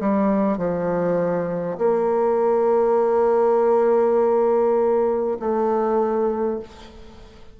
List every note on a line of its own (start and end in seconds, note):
0.00 0.58 G3
0.58 1.78 F3
1.78 5.38 A#3
5.39 6.59 A3